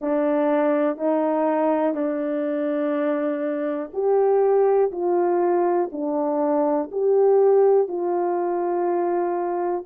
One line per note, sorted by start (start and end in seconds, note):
0.01 0.97 D4
0.97 1.94 D#4
1.94 3.91 D4
3.93 4.91 G4
4.91 5.90 F4
5.92 6.90 D4
6.91 7.87 G4
7.87 9.84 F4